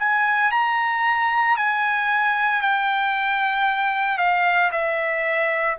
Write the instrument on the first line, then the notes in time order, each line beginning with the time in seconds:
trumpet
0.00 G#5
0.52 A#5
1.57 G#5
2.62 G5
4.18 F5
4.72 E5